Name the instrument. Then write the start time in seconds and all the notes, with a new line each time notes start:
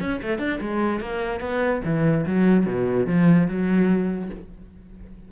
cello
0.00 C#4
0.22 A3
0.39 D4
0.61 G#3
1.00 A#3
1.40 B3
1.84 E3
2.26 F#3
2.66 B2
3.07 F3
3.48 F#3